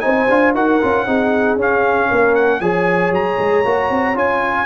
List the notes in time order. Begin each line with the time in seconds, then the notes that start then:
0.00 C4 D#4 C5 G#5
0.29 D4 F4
0.54 D#4 F#4 A#4 F#5
0.81 C#4 F4
1.06 C4 D#4 G#4
1.55 C#4 F5
2.09 A#3 A#4
2.35 F#5
2.60 F3 G#4 C#5 G#5
3.11 F#3 A#5
3.38 G#3
3.65 A#3 F#4
3.89 C4
4.14 C#4 F4 G#5